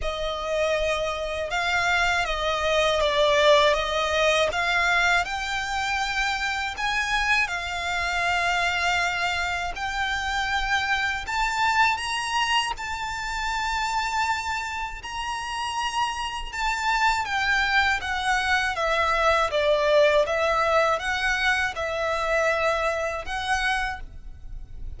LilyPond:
\new Staff \with { instrumentName = "violin" } { \time 4/4 \tempo 4 = 80 dis''2 f''4 dis''4 | d''4 dis''4 f''4 g''4~ | g''4 gis''4 f''2~ | f''4 g''2 a''4 |
ais''4 a''2. | ais''2 a''4 g''4 | fis''4 e''4 d''4 e''4 | fis''4 e''2 fis''4 | }